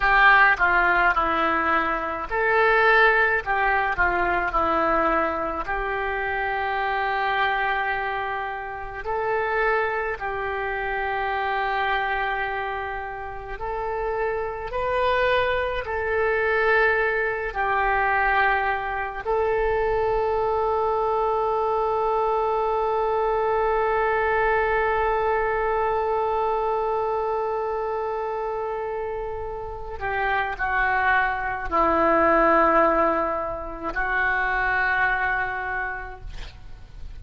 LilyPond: \new Staff \with { instrumentName = "oboe" } { \time 4/4 \tempo 4 = 53 g'8 f'8 e'4 a'4 g'8 f'8 | e'4 g'2. | a'4 g'2. | a'4 b'4 a'4. g'8~ |
g'4 a'2.~ | a'1~ | a'2~ a'8 g'8 fis'4 | e'2 fis'2 | }